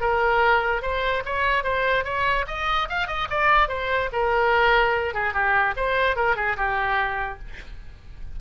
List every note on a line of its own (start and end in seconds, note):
0.00 0.82 A#4
0.82 1.23 C5
1.25 1.63 C#5
1.63 2.04 C5
2.04 2.45 C#5
2.47 2.88 D#5
2.89 3.07 F5
3.07 3.27 D#5
3.30 3.68 D5
3.68 4.09 C5
4.12 5.14 A#4
5.14 5.33 G#4
5.33 5.74 G4
5.76 6.16 C5
6.16 6.36 A#4
6.36 6.56 G#4
6.56 7.39 G4